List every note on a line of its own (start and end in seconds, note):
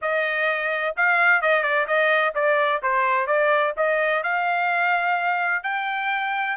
0.01 0.95 D#5
0.96 1.41 F5
1.41 1.63 D#5
1.63 1.86 D5
1.87 2.34 D#5
2.35 2.81 D5
2.82 3.26 C5
3.26 3.73 D5
3.76 4.23 D#5
4.23 5.63 F5
5.63 6.57 G5